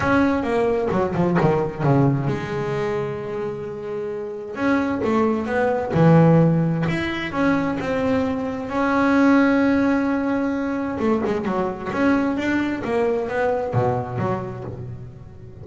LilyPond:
\new Staff \with { instrumentName = "double bass" } { \time 4/4 \tempo 4 = 131 cis'4 ais4 fis8 f8 dis4 | cis4 gis2.~ | gis2 cis'4 a4 | b4 e2 e'4 |
cis'4 c'2 cis'4~ | cis'1 | a8 gis8 fis4 cis'4 d'4 | ais4 b4 b,4 fis4 | }